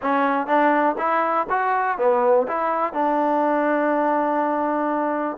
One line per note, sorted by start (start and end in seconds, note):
0.02 0.46 C#4
0.46 0.95 D4
0.98 1.46 E4
1.49 1.98 F#4
1.98 2.47 B3
2.47 2.93 E4
2.93 5.37 D4